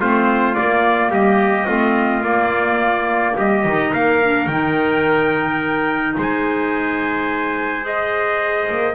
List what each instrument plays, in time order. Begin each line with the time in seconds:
0.00 double bass A3, clarinet C4, trumpet F4 C5
0.55 clarinet A#3, double bass A#3, trumpet D5
1.09 double bass G3, trumpet G4 D#5
1.66 double bass A3, clarinet C4, trumpet F4
2.21 double bass A#3, clarinet A#3, trumpet D5
3.35 double bass G3, trumpet G4 D#5
3.64 double bass D#3, clarinet D#4
3.92 double bass A#3, trumpet A#4 F5
4.22 clarinet D4
4.47 double bass D#3, clarinet D#4, trumpet G5
6.17 double bass G#3, trumpet C5 G#5
7.82 clarinet G#4, trumpet D#5
8.70 double bass A#3